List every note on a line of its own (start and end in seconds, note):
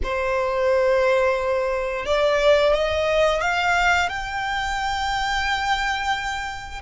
0.03 2.05 C5
2.05 2.73 D5
2.73 3.41 D#5
3.41 4.09 F5
4.09 6.82 G5